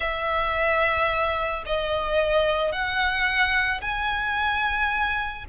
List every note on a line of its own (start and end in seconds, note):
0.00 1.63 E5
1.66 2.71 D#5
2.71 3.81 F#5
3.81 5.44 G#5